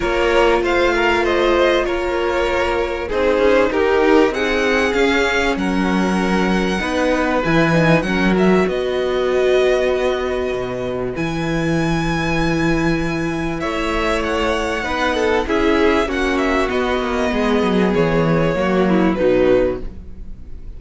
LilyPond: <<
  \new Staff \with { instrumentName = "violin" } { \time 4/4 \tempo 4 = 97 cis''4 f''4 dis''4 cis''4~ | cis''4 c''4 ais'4 fis''4 | f''4 fis''2. | gis''4 fis''8 e''8 dis''2~ |
dis''2 gis''2~ | gis''2 e''4 fis''4~ | fis''4 e''4 fis''8 e''8 dis''4~ | dis''4 cis''2 b'4 | }
  \new Staff \with { instrumentName = "violin" } { \time 4/4 ais'4 c''8 ais'8 c''4 ais'4~ | ais'4 gis'4 g'4 gis'4~ | gis'4 ais'2 b'4~ | b'4 ais'4 b'2~ |
b'1~ | b'2 cis''2 | b'8 a'8 gis'4 fis'2 | gis'2 fis'8 e'8 dis'4 | }
  \new Staff \with { instrumentName = "viola" } { \time 4/4 f'1~ | f'4 dis'2. | cis'2. dis'4 | e'8 dis'8 cis'8 fis'2~ fis'8~ |
fis'2 e'2~ | e'1 | dis'4 e'4 cis'4 b4~ | b2 ais4 fis4 | }
  \new Staff \with { instrumentName = "cello" } { \time 4/4 ais4 a2 ais4~ | ais4 c'8 cis'8 dis'4 c'4 | cis'4 fis2 b4 | e4 fis4 b2~ |
b4 b,4 e2~ | e2 a2 | b4 cis'4 ais4 b8 ais8 | gis8 fis8 e4 fis4 b,4 | }
>>